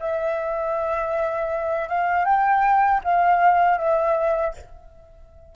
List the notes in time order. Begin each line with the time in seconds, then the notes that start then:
0.00 E5
1.88 F5
2.25 G5
3.04 F5
3.78 E5